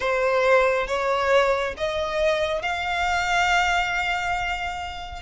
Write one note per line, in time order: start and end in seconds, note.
0.00 0.87 C5
0.87 1.74 C#5
1.77 2.62 D#5
2.62 5.22 F5